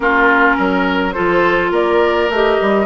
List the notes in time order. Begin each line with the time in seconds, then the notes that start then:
0.00 A#3 C#4 F4 A#4
0.56 F#3 A#4
1.12 F4 A4 C5
1.18 F3
1.71 A#3 A#4 D5
2.29 A3 G4 D#5
2.61 G3